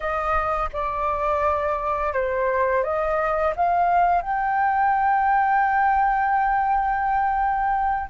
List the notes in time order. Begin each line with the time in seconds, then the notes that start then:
0.00 D#5
0.73 D5
2.13 C5
2.83 D#5
3.56 F5
4.21 G5